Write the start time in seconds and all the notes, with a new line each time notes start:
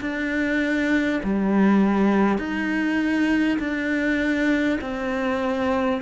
0.00 D4
1.23 G3
2.38 D#4
3.59 D4
4.81 C4